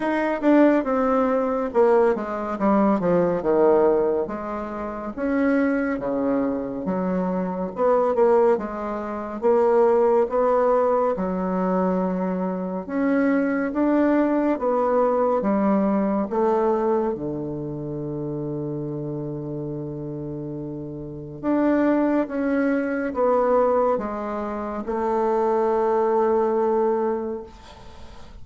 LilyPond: \new Staff \with { instrumentName = "bassoon" } { \time 4/4 \tempo 4 = 70 dis'8 d'8 c'4 ais8 gis8 g8 f8 | dis4 gis4 cis'4 cis4 | fis4 b8 ais8 gis4 ais4 | b4 fis2 cis'4 |
d'4 b4 g4 a4 | d1~ | d4 d'4 cis'4 b4 | gis4 a2. | }